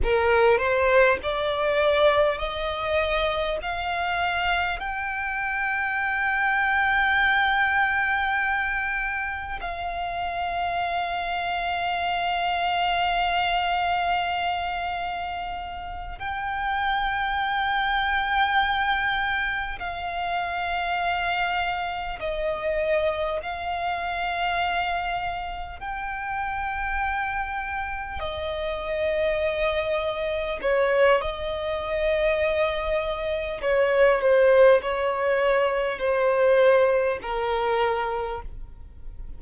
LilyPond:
\new Staff \with { instrumentName = "violin" } { \time 4/4 \tempo 4 = 50 ais'8 c''8 d''4 dis''4 f''4 | g''1 | f''1~ | f''4. g''2~ g''8~ |
g''8 f''2 dis''4 f''8~ | f''4. g''2 dis''8~ | dis''4. cis''8 dis''2 | cis''8 c''8 cis''4 c''4 ais'4 | }